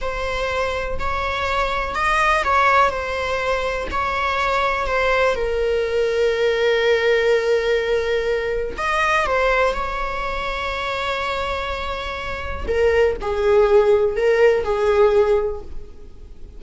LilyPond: \new Staff \with { instrumentName = "viola" } { \time 4/4 \tempo 4 = 123 c''2 cis''2 | dis''4 cis''4 c''2 | cis''2 c''4 ais'4~ | ais'1~ |
ais'2 dis''4 c''4 | cis''1~ | cis''2 ais'4 gis'4~ | gis'4 ais'4 gis'2 | }